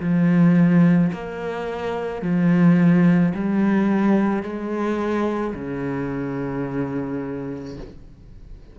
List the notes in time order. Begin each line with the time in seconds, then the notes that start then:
0.00 F3
1.13 A#3
2.22 F3
3.34 G3
4.42 G#3
5.55 C#3